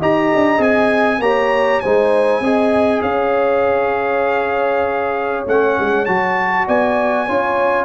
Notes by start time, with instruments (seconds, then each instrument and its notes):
0.00 tuba D#4, trombone G4, horn D#5, trumpet A#5
0.35 tuba D4
0.58 tuba C4, trombone G#4, trumpet G#5
1.20 tuba A#3, trombone G4, horn C#5, trumpet A#5
1.81 tuba G#3, trombone D#4, horn C5, trumpet G#5
2.41 tuba C4, trombone G#4, horn D#5
3.02 tuba C#4, horn C#5, trumpet F5
5.47 tuba A3, trombone C#4, trumpet F#5
5.80 tuba G#3
6.06 tuba F#3, trombone F#4, trumpet A5
6.67 tuba B3, horn D5, trumpet G#5
7.26 tuba C#4, trombone F4, horn C#5